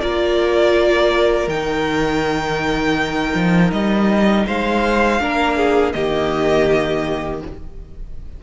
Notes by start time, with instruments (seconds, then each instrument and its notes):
0.00 cello A#3, viola F4, violin A#4 D5
1.47 cello D#3, viola D#4, violin G5
3.34 cello F3
3.72 cello G3, violin D#5
4.47 cello G#3, violin C5 F5
5.20 cello A#3, viola D4, violin A#4
5.56 violin G#4
5.92 cello D#3, viola A#3, violin G4 D#5